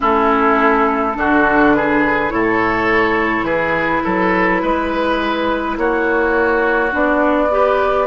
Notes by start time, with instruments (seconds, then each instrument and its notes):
0.00 bassoon A3, clarinet C#4, oboe E4, flute A4
1.14 bassoon D3, clarinet D4, oboe F#4
1.74 oboe G#4, flute B4
2.28 bassoon A2, clarinet E4, oboe A4, flute C#5
3.42 bassoon E3, oboe G#4, flute B4
4.04 bassoon F#3, oboe A4
4.62 bassoon G#3, oboe B4
5.77 bassoon A#3, oboe F#4, flute C#5
6.91 bassoon B3, clarinet D4, flute D5
7.50 clarinet G4, oboe B4